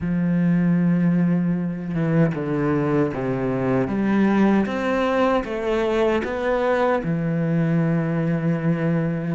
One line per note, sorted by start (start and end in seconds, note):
0.00 1.94 F3
1.94 2.33 E3
2.34 3.12 D3
3.14 3.87 C3
3.87 4.65 G3
4.65 5.43 C4
5.44 6.22 A3
6.24 7.02 B3
7.03 9.34 E3